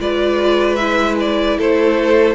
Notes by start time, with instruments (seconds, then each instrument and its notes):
0.00 cello G#3, viola F4, violin B4 D5
0.76 viola E4, violin E5
1.20 violin D5
1.58 cello A3, violin A4 C5